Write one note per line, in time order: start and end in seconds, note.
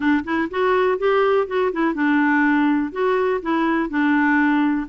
0.00 0.24 D4
0.24 0.48 E4
0.50 0.98 F#4
0.98 1.47 G4
1.47 1.71 F#4
1.72 1.94 E4
1.94 2.92 D4
2.92 3.40 F#4
3.42 3.89 E4
3.89 4.87 D4